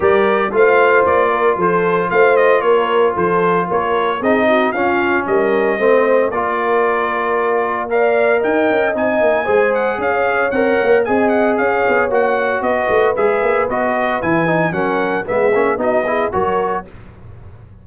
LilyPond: <<
  \new Staff \with { instrumentName = "trumpet" } { \time 4/4 \tempo 4 = 114 d''4 f''4 d''4 c''4 | f''8 dis''8 cis''4 c''4 cis''4 | dis''4 f''4 dis''2 | d''2. f''4 |
g''4 gis''4. fis''8 f''4 | fis''4 gis''8 fis''8 f''4 fis''4 | dis''4 e''4 dis''4 gis''4 | fis''4 e''4 dis''4 cis''4 | }
  \new Staff \with { instrumentName = "horn" } { \time 4/4 ais'4 c''4. ais'8 a'4 | c''4 ais'4 a'4 ais'4 | gis'8 fis'8 f'4 ais'4 c''4 | ais'2. d''4 |
dis''2 c''4 cis''4~ | cis''4 dis''4 cis''2 | b'1 | ais'4 gis'4 fis'8 gis'8 ais'4 | }
  \new Staff \with { instrumentName = "trombone" } { \time 4/4 g'4 f'2.~ | f'1 | dis'4 cis'2 c'4 | f'2. ais'4~ |
ais'4 dis'4 gis'2 | ais'4 gis'2 fis'4~ | fis'4 gis'4 fis'4 e'8 dis'8 | cis'4 b8 cis'8 dis'8 e'8 fis'4 | }
  \new Staff \with { instrumentName = "tuba" } { \time 4/4 g4 a4 ais4 f4 | a4 ais4 f4 ais4 | c'4 cis'4 g4 a4 | ais1 |
dis'8 cis'8 c'8 ais8 gis4 cis'4 | c'8 ais8 c'4 cis'8 b8 ais4 | b8 a8 gis8 ais8 b4 e4 | fis4 gis8 ais8 b4 fis4 | }
>>